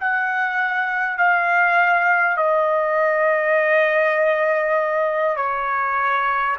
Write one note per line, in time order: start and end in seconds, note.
0.00 1.18 F#5
1.18 2.37 F5
2.37 5.36 D#5
5.36 6.56 C#5